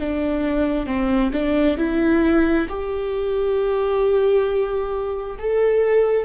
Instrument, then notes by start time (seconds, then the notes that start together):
viola
0.00 D4
0.86 C4
1.32 D4
1.77 E4
2.69 G4
5.39 A4